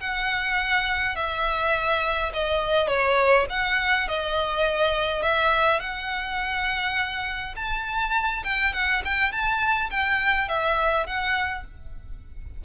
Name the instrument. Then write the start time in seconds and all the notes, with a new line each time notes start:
violin
0.00 F#5
1.15 E5
2.34 D#5
2.88 C#5
3.49 F#5
4.08 D#5
5.22 E5
5.80 F#5
7.56 A5
8.44 G5
8.73 F#5
9.05 G5
9.32 A5
9.90 G5
10.48 E5
11.06 F#5